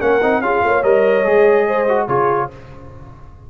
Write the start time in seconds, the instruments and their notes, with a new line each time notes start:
0.00 tuba A#3, trombone C#4, horn A#4, trumpet F#5
0.22 tuba C4, trombone D#4
0.40 tuba C#4, trombone F4, horn G#4, trumpet F5
0.64 tuba A#3, horn C#5
0.83 tuba G3, trombone A#4, trumpet D#5
1.24 tuba G#3, trombone G#4
1.67 horn C5
1.88 trombone F#4
2.06 tuba C#3, trombone F4, horn G#4, trumpet C#5